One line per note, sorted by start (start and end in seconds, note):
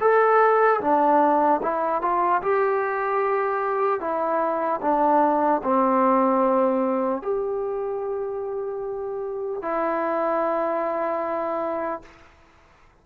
0.00 0.80 A4
0.81 1.61 D4
1.62 2.01 E4
2.01 2.41 F4
2.42 4.00 G4
4.00 4.80 E4
4.81 5.61 D4
5.64 7.22 C4
7.22 9.62 G4
9.62 12.02 E4